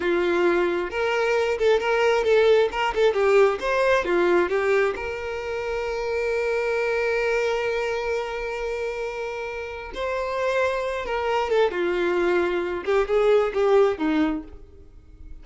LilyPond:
\new Staff \with { instrumentName = "violin" } { \time 4/4 \tempo 4 = 133 f'2 ais'4. a'8 | ais'4 a'4 ais'8 a'8 g'4 | c''4 f'4 g'4 ais'4~ | ais'1~ |
ais'1~ | ais'2 c''2~ | c''8 ais'4 a'8 f'2~ | f'8 g'8 gis'4 g'4 dis'4 | }